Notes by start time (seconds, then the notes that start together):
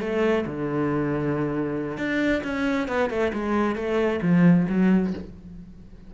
0.00 A3
0.46 D3
1.97 D4
2.43 C#4
2.88 B3
3.10 A3
3.33 G#3
3.76 A3
4.22 F3
4.69 F#3